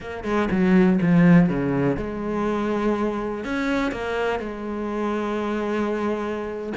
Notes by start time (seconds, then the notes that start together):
0.00 A#3
0.24 G#3
0.50 F#3
1.01 F3
1.49 C#3
1.96 G#3
3.44 C#4
3.91 A#3
4.39 G#3